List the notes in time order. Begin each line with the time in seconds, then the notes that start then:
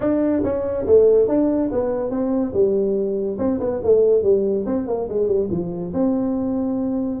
0.00 D4
0.43 C#4
0.86 A3
1.28 D4
1.71 B3
2.10 C4
2.53 G3
3.38 C4
3.60 B3
3.84 A3
4.23 G3
4.66 C4
4.87 A#3
5.08 G#3
5.27 G3
5.50 F3
5.93 C4